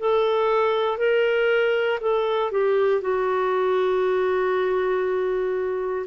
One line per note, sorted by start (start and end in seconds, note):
0.00 0.98 A4
0.98 2.00 A#4
2.01 2.52 A4
2.52 3.02 G4
3.02 6.07 F#4